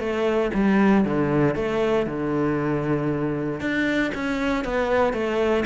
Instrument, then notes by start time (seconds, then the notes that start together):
cello
0.00 A3
0.54 G3
1.05 D3
1.56 A3
2.07 D3
3.61 D4
4.15 C#4
4.65 B3
5.14 A3